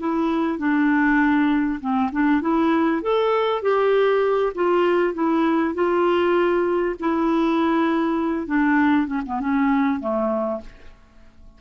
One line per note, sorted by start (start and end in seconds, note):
0.00 0.59 E4
0.59 1.80 D4
1.80 2.11 C4
2.12 2.42 D4
2.42 3.02 E4
3.02 3.62 A4
3.62 4.53 G4
4.55 5.14 F4
5.14 5.75 E4
5.75 6.96 F4
7.00 8.47 E4
8.47 9.07 D4
9.07 9.22 C#4
9.26 9.40 B3
9.40 10.00 C#4
10.00 10.61 A3